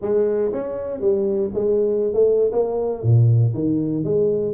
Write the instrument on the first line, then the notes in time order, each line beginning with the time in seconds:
tuba
0.01 G#3
0.52 C#4
1.00 G3
1.54 G#3
2.13 A3
2.51 A#3
3.02 A#2
3.54 D#3
4.04 G#3